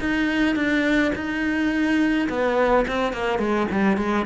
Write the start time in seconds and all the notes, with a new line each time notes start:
0.00 D#4
0.56 D4
1.16 D#4
2.30 B3
2.88 C4
3.13 A#3
3.39 G#3
3.72 G3
3.98 G#3